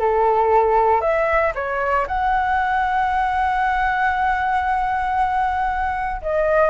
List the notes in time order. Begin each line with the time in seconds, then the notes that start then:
0.00 A4
1.01 E5
1.55 C#5
2.08 F#5
6.22 D#5